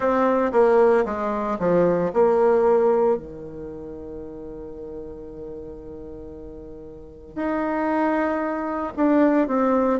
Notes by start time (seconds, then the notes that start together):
0.00 C4
0.52 A#3
1.05 G#3
1.59 F3
2.13 A#3
3.17 D#3
7.35 D#4
8.96 D4
9.47 C4